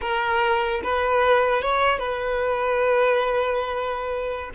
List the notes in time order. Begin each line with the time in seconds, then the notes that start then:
0.01 A#4
0.83 B4
1.62 C#5
1.98 B4